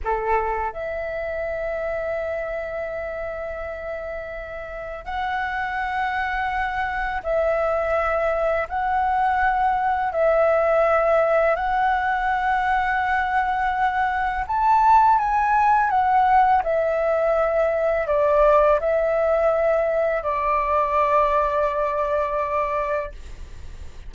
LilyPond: \new Staff \with { instrumentName = "flute" } { \time 4/4 \tempo 4 = 83 a'4 e''2.~ | e''2. fis''4~ | fis''2 e''2 | fis''2 e''2 |
fis''1 | a''4 gis''4 fis''4 e''4~ | e''4 d''4 e''2 | d''1 | }